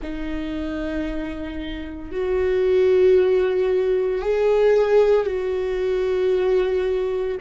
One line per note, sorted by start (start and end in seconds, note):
0.02 2.11 D#4
2.11 4.21 F#4
4.21 5.26 G#4
5.26 7.37 F#4